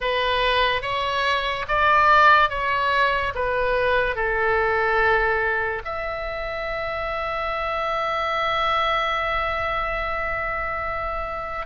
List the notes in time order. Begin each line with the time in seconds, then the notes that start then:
0.00 B4
0.82 C#5
1.68 D5
2.49 C#5
3.34 B4
4.15 A4
5.84 E5